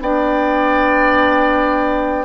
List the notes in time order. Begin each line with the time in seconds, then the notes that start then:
0.00 B3 D4 D5 G5